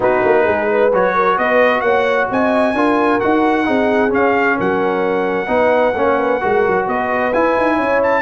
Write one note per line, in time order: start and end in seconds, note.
0.00 0.21 B3
0.00 0.91 D#4
0.00 0.44 F#4
0.00 0.94 B4
0.24 0.47 A#3
0.44 0.92 G#3
0.44 0.67 G#4
0.69 1.15 B4
0.92 1.37 F#3
0.92 2.75 F#4
0.92 1.38 C#5
1.15 1.37 A#4
1.37 1.81 B3
1.37 1.83 B4
1.37 1.80 D#5
1.80 2.27 A#3
1.80 2.29 C#5
1.80 2.26 F#5
2.30 2.73 C4
2.30 2.75 D#5
2.30 3.20 G#5
2.73 3.19 D4
2.73 3.20 F4
2.73 3.65 A#4
3.20 3.68 D#4
3.20 3.64 F#4
3.20 4.11 F#5
3.64 4.13 C4
3.64 4.09 D#4
3.64 4.56 G#4
4.09 5.46 C#4
4.09 4.58 C#4
4.09 4.59 F5
4.56 5.48 F#3
4.56 5.48 A#4
4.56 6.88 F#5
5.47 5.93 B3
5.47 5.93 D#4
5.47 5.96 B4
5.95 6.41 A#3
5.95 6.40 C#4
5.95 6.18 C#5
6.18 6.40 B4
6.40 6.66 G#3
6.40 7.32 F#4
6.40 6.86 A#4
6.67 6.87 F#3
6.87 7.33 B3
6.87 7.75 B4
6.87 7.33 D#5
7.33 7.56 E4
7.33 8.22 E4
7.33 8.02 G#5
7.57 7.79 D#4
7.75 8.22 C#4
7.75 8.21 C#5
8.02 8.22 A5